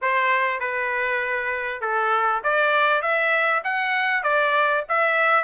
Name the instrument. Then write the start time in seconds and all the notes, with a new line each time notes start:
trumpet
0.01 C5
0.60 B4
1.81 A4
2.43 D5
3.01 E5
3.64 F#5
4.23 D5
4.88 E5